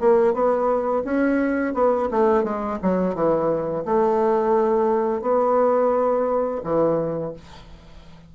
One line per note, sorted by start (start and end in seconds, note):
0.00 0.33 A#3
0.33 1.03 B3
1.04 1.74 C#4
1.74 2.09 B3
2.11 2.44 A3
2.44 2.78 G#3
2.82 3.15 F#3
3.15 3.84 E3
3.85 5.21 A3
5.21 6.61 B3
6.63 7.33 E3